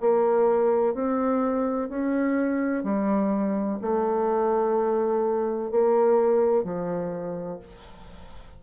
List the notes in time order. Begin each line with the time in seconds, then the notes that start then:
0.00 A#3
0.94 C4
1.89 C#4
2.83 G3
3.81 A3
5.71 A#3
6.63 F3